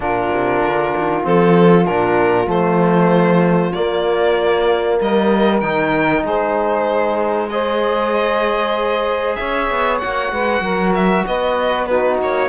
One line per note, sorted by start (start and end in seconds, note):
0.00 0.28 A#2
0.00 1.22 D4
0.00 4.98 F4
0.00 1.25 A#4
0.30 0.62 C3
0.62 0.93 D3
0.97 1.26 D#3
1.22 1.87 F3
1.22 1.85 C4
1.22 1.86 A4
1.86 2.46 A#2
1.86 2.46 D4
1.86 2.48 A#4
2.46 3.71 F3
2.46 3.71 A3
2.46 3.72 C5
3.72 4.99 A#3
3.72 5.62 A#3
3.72 4.97 D5
5.00 5.61 G3
5.00 6.22 A#4
5.00 5.60 D#5
5.60 6.24 D#3
5.60 7.49 D#4
5.60 6.22 G5
6.22 9.36 G#3
6.22 7.47 G#4
6.22 7.49 C5
7.49 10.01 G#4
7.49 9.38 C5
7.49 9.35 D#5
9.35 9.69 C#4
9.35 10.31 C#5
9.35 9.98 E5
9.69 10.01 B3
9.98 10.32 A#3
9.98 11.89 F#4
9.98 10.92 F#5
10.31 10.60 G#3
10.31 10.62 B4
10.60 11.23 F#3
10.60 11.24 A#4
10.94 11.25 E5
11.26 12.21 B3
11.26 11.87 B4
11.26 11.86 D#5
11.86 12.49 D#4
11.86 12.49 F#4
11.86 12.17 B4
12.21 12.49 A#3
12.21 12.49 C#5